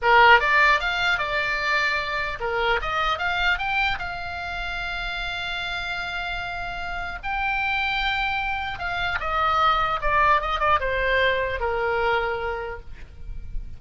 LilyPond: \new Staff \with { instrumentName = "oboe" } { \time 4/4 \tempo 4 = 150 ais'4 d''4 f''4 d''4~ | d''2 ais'4 dis''4 | f''4 g''4 f''2~ | f''1~ |
f''2 g''2~ | g''2 f''4 dis''4~ | dis''4 d''4 dis''8 d''8 c''4~ | c''4 ais'2. | }